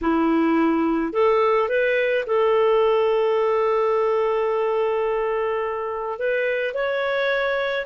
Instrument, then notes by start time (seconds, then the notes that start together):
clarinet
0.01 E4
1.12 A4
1.68 B4
2.26 A4
6.18 B4
6.74 C#5